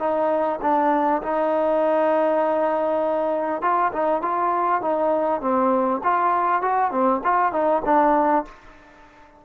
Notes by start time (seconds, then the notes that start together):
0.00 D#4
0.62 D4
1.23 D#4
3.62 F4
3.93 D#4
4.22 F4
4.82 D#4
5.41 C4
6.04 F4
6.62 F#4
6.91 C4
7.24 F4
7.53 D#4
7.85 D4